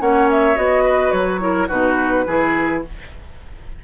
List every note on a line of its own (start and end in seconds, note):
0.00 0.57 A#3
0.00 0.56 C#4
0.00 0.84 C#5
0.00 0.29 F#5
0.30 0.57 E5
0.56 1.12 B3
0.56 1.40 F#4
0.56 1.12 D#5
0.84 1.40 B4
1.12 1.69 F#3
1.12 1.68 C#5
1.40 1.68 E4
1.40 1.68 A#4
1.68 2.26 B2
1.68 2.26 D#4
1.68 2.25 F#4
1.68 2.82 B4
2.27 2.84 E3
2.27 2.85 E4
2.27 2.84 G#4